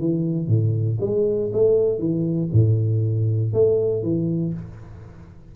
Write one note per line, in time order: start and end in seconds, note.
0.00 0.48 E3
0.48 0.99 A2
1.01 1.51 G#3
1.53 1.99 A3
1.99 2.50 E3
2.53 3.53 A2
3.53 4.03 A3
4.03 4.54 E3